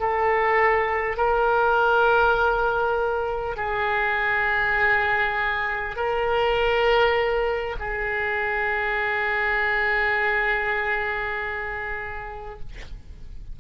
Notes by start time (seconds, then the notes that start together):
0.00 A4
1.17 A#4
3.57 G#4
5.97 A#4
7.80 G#4